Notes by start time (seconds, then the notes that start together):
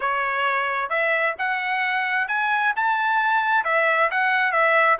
0.00 C#5
0.89 E5
1.38 F#5
2.28 G#5
2.76 A5
3.64 E5
4.10 F#5
4.52 E5